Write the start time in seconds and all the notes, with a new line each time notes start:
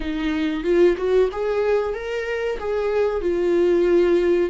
0.00 D#4
0.63 F4
0.97 F#4
1.31 G#4
1.94 A#4
2.59 G#4
3.21 F4